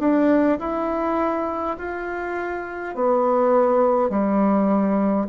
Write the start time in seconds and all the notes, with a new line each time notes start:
0.00 D4
0.59 E4
1.78 F4
2.95 B3
4.10 G3